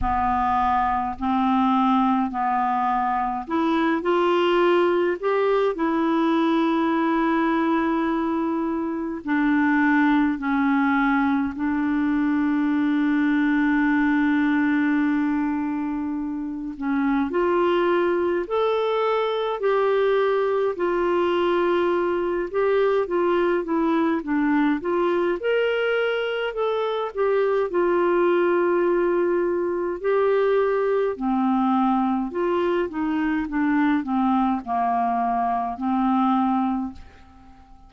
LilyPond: \new Staff \with { instrumentName = "clarinet" } { \time 4/4 \tempo 4 = 52 b4 c'4 b4 e'8 f'8~ | f'8 g'8 e'2. | d'4 cis'4 d'2~ | d'2~ d'8 cis'8 f'4 |
a'4 g'4 f'4. g'8 | f'8 e'8 d'8 f'8 ais'4 a'8 g'8 | f'2 g'4 c'4 | f'8 dis'8 d'8 c'8 ais4 c'4 | }